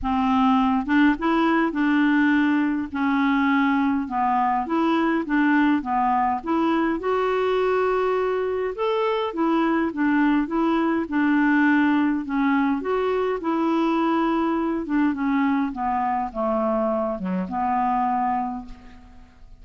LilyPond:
\new Staff \with { instrumentName = "clarinet" } { \time 4/4 \tempo 4 = 103 c'4. d'8 e'4 d'4~ | d'4 cis'2 b4 | e'4 d'4 b4 e'4 | fis'2. a'4 |
e'4 d'4 e'4 d'4~ | d'4 cis'4 fis'4 e'4~ | e'4. d'8 cis'4 b4 | a4. fis8 b2 | }